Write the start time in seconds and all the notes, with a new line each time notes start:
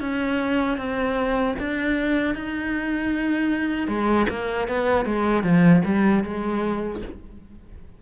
0.00 C#4
0.77 C4
1.59 D4
2.34 D#4
3.87 G#3
4.29 A#3
4.68 B3
5.05 G#3
5.43 F3
5.85 G3
6.23 G#3